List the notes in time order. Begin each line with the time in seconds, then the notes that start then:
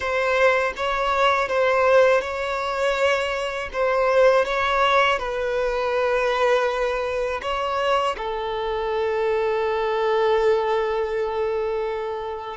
0.00 C5
0.76 C#5
1.48 C5
2.21 C#5
3.72 C5
4.45 C#5
5.18 B4
7.41 C#5
8.17 A4